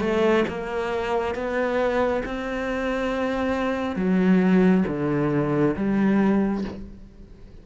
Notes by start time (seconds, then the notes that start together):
0.00 A3
0.48 A#3
1.34 B3
2.25 C4
3.96 F#3
4.87 D3
5.76 G3